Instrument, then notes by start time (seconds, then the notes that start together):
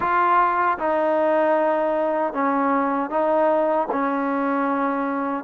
trombone
0.00 F4
0.78 D#4
2.33 C#4
3.10 D#4
3.91 C#4